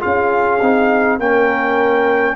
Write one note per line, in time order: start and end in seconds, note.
0.00 0.61 C#4
0.00 0.59 F4
0.00 1.19 G#4
0.00 1.20 F5
0.61 1.20 C4
0.61 1.20 D#4
1.20 2.36 A#3
1.20 2.36 C#4
1.20 2.36 A#4
1.20 2.36 G5